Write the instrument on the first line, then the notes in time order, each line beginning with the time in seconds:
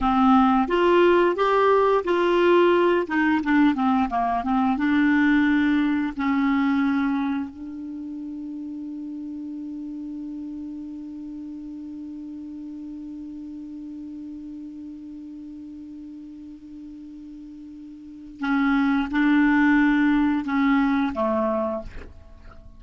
clarinet
0.00 C4
0.68 F4
1.35 G4
2.04 F4
3.07 D#4
3.43 D4
3.74 C4
4.09 A#3
4.43 C4
4.77 D4
6.16 C#4
7.50 D4
18.40 C#4
19.11 D4
20.44 C#4
21.14 A3